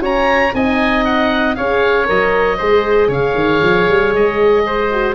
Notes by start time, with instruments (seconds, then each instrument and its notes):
0.00 horn C#4, tuba F#4, oboe C#5 A#5
0.54 tuba C4, horn D#4, oboe D#5 G#5
1.05 oboe F#5
1.56 tuba C#4, horn G#4, oboe C#5 F5
2.06 tuba F#3, horn A#4, oboe D#5
2.58 tuba G#3, horn G#4, oboe C5
3.08 tuba C#3, oboe C#5 F5
3.35 tuba D#3
3.62 tuba F3
3.89 tuba G3
4.14 tuba G#3, oboe D#5
4.66 oboe C5
4.92 horn F#4